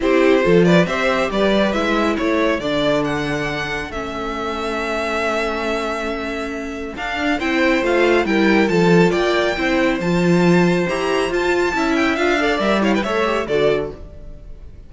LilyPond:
<<
  \new Staff \with { instrumentName = "violin" } { \time 4/4 \tempo 4 = 138 c''4. d''8 e''4 d''4 | e''4 cis''4 d''4 fis''4~ | fis''4 e''2.~ | e''1 |
f''4 g''4 f''4 g''4 | a''4 g''2 a''4~ | a''4 ais''4 a''4. g''8 | f''4 e''8 f''16 g''16 e''4 d''4 | }
  \new Staff \with { instrumentName = "violin" } { \time 4/4 g'4 a'8 b'8 c''4 b'4~ | b'4 a'2.~ | a'1~ | a'1~ |
a'4 c''2 ais'4 | a'4 d''4 c''2~ | c''2. e''4~ | e''8 d''4 cis''16 b'16 cis''4 a'4 | }
  \new Staff \with { instrumentName = "viola" } { \time 4/4 e'4 f'4 g'2 | e'2 d'2~ | d'4 cis'2.~ | cis'1 |
d'4 e'4 f'4 e'4 | f'2 e'4 f'4~ | f'4 g'4 f'4 e'4 | f'8 a'8 ais'8 e'8 a'8 g'8 fis'4 | }
  \new Staff \with { instrumentName = "cello" } { \time 4/4 c'4 f4 c'4 g4 | gis4 a4 d2~ | d4 a2.~ | a1 |
d'4 c'4 a4 g4 | f4 ais4 c'4 f4~ | f4 e'4 f'4 cis'4 | d'4 g4 a4 d4 | }
>>